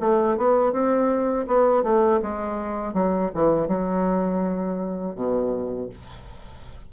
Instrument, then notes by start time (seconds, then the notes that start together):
bassoon
0.00 A3
0.37 B3
0.72 C4
1.47 B3
1.83 A3
2.22 G#3
2.94 F#3
3.34 E3
3.67 F#3
5.15 B2